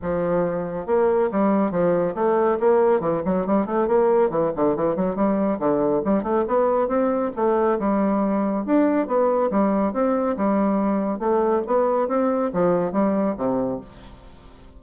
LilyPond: \new Staff \with { instrumentName = "bassoon" } { \time 4/4 \tempo 4 = 139 f2 ais4 g4 | f4 a4 ais4 e8 fis8 | g8 a8 ais4 e8 d8 e8 fis8 | g4 d4 g8 a8 b4 |
c'4 a4 g2 | d'4 b4 g4 c'4 | g2 a4 b4 | c'4 f4 g4 c4 | }